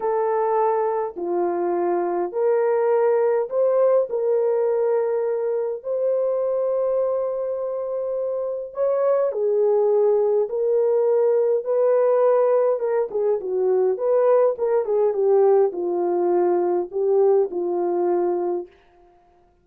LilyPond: \new Staff \with { instrumentName = "horn" } { \time 4/4 \tempo 4 = 103 a'2 f'2 | ais'2 c''4 ais'4~ | ais'2 c''2~ | c''2. cis''4 |
gis'2 ais'2 | b'2 ais'8 gis'8 fis'4 | b'4 ais'8 gis'8 g'4 f'4~ | f'4 g'4 f'2 | }